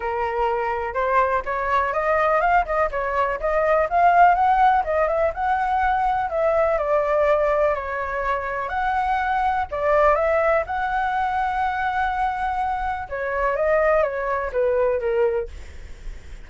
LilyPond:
\new Staff \with { instrumentName = "flute" } { \time 4/4 \tempo 4 = 124 ais'2 c''4 cis''4 | dis''4 f''8 dis''8 cis''4 dis''4 | f''4 fis''4 dis''8 e''8 fis''4~ | fis''4 e''4 d''2 |
cis''2 fis''2 | d''4 e''4 fis''2~ | fis''2. cis''4 | dis''4 cis''4 b'4 ais'4 | }